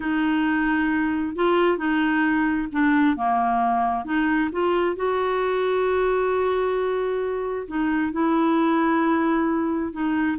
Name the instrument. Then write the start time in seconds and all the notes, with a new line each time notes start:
clarinet
0.00 D#4
1.35 F4
1.77 D#4
2.72 D4
3.16 A#3
4.05 D#4
4.52 F4
4.96 F#4
7.67 D#4
8.12 E4
9.92 D#4